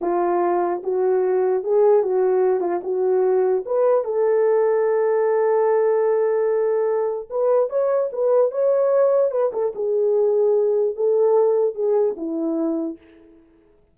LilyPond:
\new Staff \with { instrumentName = "horn" } { \time 4/4 \tempo 4 = 148 f'2 fis'2 | gis'4 fis'4. f'8 fis'4~ | fis'4 b'4 a'2~ | a'1~ |
a'2 b'4 cis''4 | b'4 cis''2 b'8 a'8 | gis'2. a'4~ | a'4 gis'4 e'2 | }